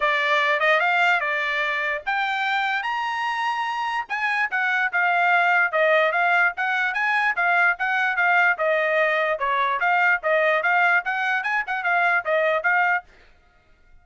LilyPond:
\new Staff \with { instrumentName = "trumpet" } { \time 4/4 \tempo 4 = 147 d''4. dis''8 f''4 d''4~ | d''4 g''2 ais''4~ | ais''2 gis''4 fis''4 | f''2 dis''4 f''4 |
fis''4 gis''4 f''4 fis''4 | f''4 dis''2 cis''4 | f''4 dis''4 f''4 fis''4 | gis''8 fis''8 f''4 dis''4 f''4 | }